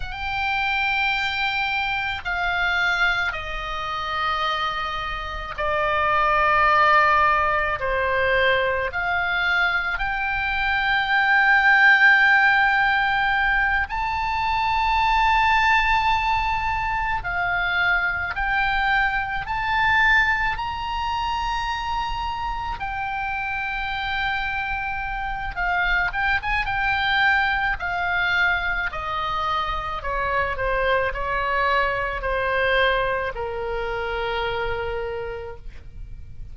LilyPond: \new Staff \with { instrumentName = "oboe" } { \time 4/4 \tempo 4 = 54 g''2 f''4 dis''4~ | dis''4 d''2 c''4 | f''4 g''2.~ | g''8 a''2. f''8~ |
f''8 g''4 a''4 ais''4.~ | ais''8 g''2~ g''8 f''8 g''16 gis''16 | g''4 f''4 dis''4 cis''8 c''8 | cis''4 c''4 ais'2 | }